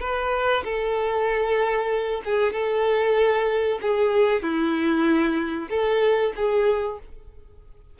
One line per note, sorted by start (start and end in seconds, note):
0.00 0.63 B4
0.64 2.22 A4
2.24 2.53 G#4
2.53 3.79 A4
3.81 4.42 G#4
4.42 5.68 E4
5.69 6.32 A4
6.36 6.99 G#4